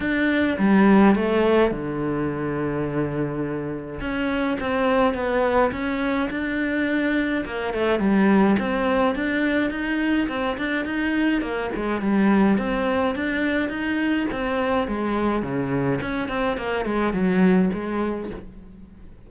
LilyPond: \new Staff \with { instrumentName = "cello" } { \time 4/4 \tempo 4 = 105 d'4 g4 a4 d4~ | d2. cis'4 | c'4 b4 cis'4 d'4~ | d'4 ais8 a8 g4 c'4 |
d'4 dis'4 c'8 d'8 dis'4 | ais8 gis8 g4 c'4 d'4 | dis'4 c'4 gis4 cis4 | cis'8 c'8 ais8 gis8 fis4 gis4 | }